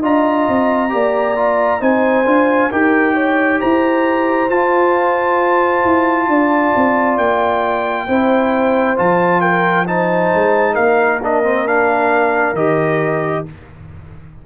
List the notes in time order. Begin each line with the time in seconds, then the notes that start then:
0.00 D4 F4 D#5 A#5
0.49 C4
0.90 A#3 G4 D5
1.36 F4
1.80 C4 D#4 C5 G#5
2.26 D4 F4
2.72 D#4 G4 A#4 G5
3.14 C#5
3.61 E4 C5 A#5
4.50 F4 A5
5.85 E4
6.28 D4 D5
6.76 C4
7.18 A#3 G5
8.07 C4 E4 C5
8.96 F3 F4 A5
9.41 A#4 G5
9.86 D#4 C5 A5
10.35 G#3
10.74 A#3 A#4 F5
11.23 D4 D#5
11.44 C4
11.66 D4 F5
12.53 D#3 G4 D#5